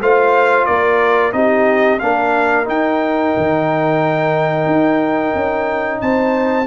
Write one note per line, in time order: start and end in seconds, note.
0.00 0.67 A3
0.00 1.32 F4
0.00 0.66 C5
0.00 0.65 F5
0.65 1.33 A#3
0.65 1.33 A#4
0.65 1.32 D5
1.32 1.99 C4
1.32 1.99 D#4
1.32 2.01 G4
1.32 1.99 D#5
1.99 2.67 A#3
1.99 2.65 D4
1.99 6.01 A#4
1.99 2.66 F5
2.65 6.65 D#4
2.65 3.34 D#4
2.65 6.01 G5
3.37 4.66 D#3
4.66 5.32 D#4
5.34 6.01 C#4
6.01 6.67 C4
6.01 6.67 C5
6.01 6.67 A5